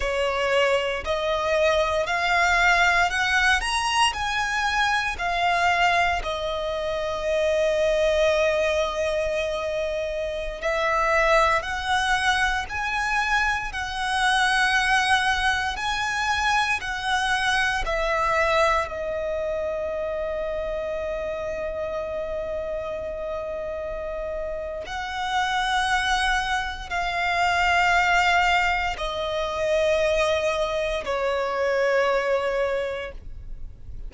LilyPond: \new Staff \with { instrumentName = "violin" } { \time 4/4 \tempo 4 = 58 cis''4 dis''4 f''4 fis''8 ais''8 | gis''4 f''4 dis''2~ | dis''2~ dis''16 e''4 fis''8.~ | fis''16 gis''4 fis''2 gis''8.~ |
gis''16 fis''4 e''4 dis''4.~ dis''16~ | dis''1 | fis''2 f''2 | dis''2 cis''2 | }